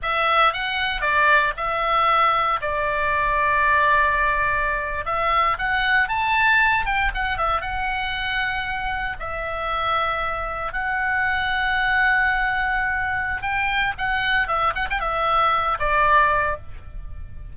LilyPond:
\new Staff \with { instrumentName = "oboe" } { \time 4/4 \tempo 4 = 116 e''4 fis''4 d''4 e''4~ | e''4 d''2.~ | d''4.~ d''16 e''4 fis''4 a''16~ | a''4~ a''16 g''8 fis''8 e''8 fis''4~ fis''16~ |
fis''4.~ fis''16 e''2~ e''16~ | e''8. fis''2.~ fis''16~ | fis''2 g''4 fis''4 | e''8 fis''16 g''16 e''4. d''4. | }